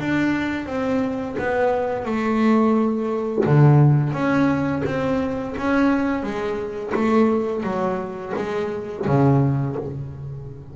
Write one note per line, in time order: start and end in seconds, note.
0.00 0.67 D4
0.67 1.36 C4
1.39 2.05 B3
2.05 3.45 A3
3.46 4.13 D3
4.13 4.83 C#4
4.86 5.55 C4
5.58 6.23 C#4
6.23 6.93 G#3
6.95 7.64 A3
7.64 8.33 F#3
8.36 9.06 G#3
9.07 9.76 C#3